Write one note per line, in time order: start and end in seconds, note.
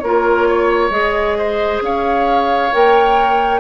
0.00 0.90 A#3
0.00 0.49 A#4
0.00 0.90 C#5
0.06 0.91 F4
0.49 1.38 C#5
0.90 1.80 G#3
0.90 2.70 G#4
0.90 1.80 D#5
1.39 1.83 C5
1.82 2.71 C#4
1.82 3.60 C#5
1.82 2.73 F5
2.73 3.60 A#3
2.73 3.60 A#4
2.73 3.60 G5